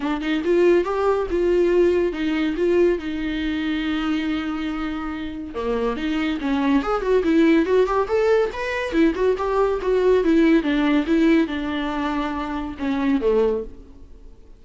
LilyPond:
\new Staff \with { instrumentName = "viola" } { \time 4/4 \tempo 4 = 141 d'8 dis'8 f'4 g'4 f'4~ | f'4 dis'4 f'4 dis'4~ | dis'1~ | dis'4 ais4 dis'4 cis'4 |
gis'8 fis'8 e'4 fis'8 g'8 a'4 | b'4 e'8 fis'8 g'4 fis'4 | e'4 d'4 e'4 d'4~ | d'2 cis'4 a4 | }